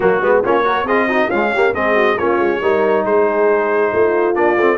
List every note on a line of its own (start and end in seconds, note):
0.00 0.21 F#3
0.00 0.22 A#3
0.00 0.41 F#4
0.00 0.43 F#4
0.21 0.42 G#3
0.21 0.43 B3
0.43 0.83 A#3
0.43 0.64 C#4
0.43 0.65 F4
0.43 0.87 C#5
0.64 0.85 F#4
0.64 0.85 A#4
0.83 1.26 C4
0.83 1.09 F4
0.83 1.07 G#4
0.83 1.30 D#5
1.08 1.31 D#4
1.08 1.28 F#4
1.28 1.55 G#3
1.28 1.72 C#4
1.28 1.49 F4
1.28 1.73 F5
1.53 1.74 A#3
1.53 1.74 G4
1.73 2.16 G#3
1.73 2.17 C4
1.73 1.95 G#4
1.73 2.18 D#5
1.95 2.17 F#4
2.17 2.38 A#3
2.17 2.62 C#4
2.17 2.61 F4
2.17 3.05 C#5
2.38 2.60 G#3
2.60 3.04 G3
2.60 4.34 D#4
2.60 3.05 A#4
3.04 3.91 G#3
3.04 3.92 G#4
3.04 4.35 C5
3.92 4.36 A3
3.92 4.77 F4
4.34 4.56 A#3
4.34 4.56 D4
4.34 4.77 D5
4.56 4.77 A3
4.56 4.77 C4